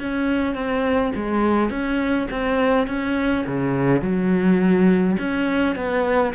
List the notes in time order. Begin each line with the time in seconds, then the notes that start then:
0.00 C#4
0.55 C4
1.16 G#3
1.71 C#4
2.31 C4
2.88 C#4
3.47 C#3
4.02 F#3
5.19 C#4
5.76 B3